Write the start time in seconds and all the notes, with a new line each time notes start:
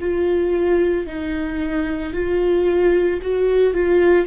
0.00 F4
1.06 D#4
2.13 F4
3.22 F#4
3.74 F4